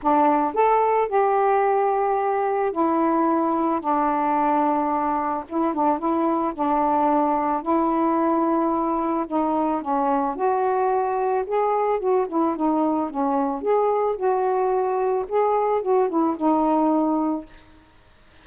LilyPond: \new Staff \with { instrumentName = "saxophone" } { \time 4/4 \tempo 4 = 110 d'4 a'4 g'2~ | g'4 e'2 d'4~ | d'2 e'8 d'8 e'4 | d'2 e'2~ |
e'4 dis'4 cis'4 fis'4~ | fis'4 gis'4 fis'8 e'8 dis'4 | cis'4 gis'4 fis'2 | gis'4 fis'8 e'8 dis'2 | }